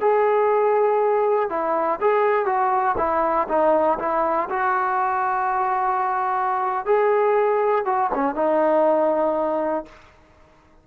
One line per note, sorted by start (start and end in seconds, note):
0.00 1.50 G#4
1.50 2.00 E4
2.01 2.45 G#4
2.45 2.95 F#4
2.97 3.47 E4
3.48 3.98 D#4
3.99 4.49 E4
4.49 6.85 F#4
6.85 7.85 G#4
7.85 8.10 F#4
8.14 8.35 C#4
8.35 9.85 D#4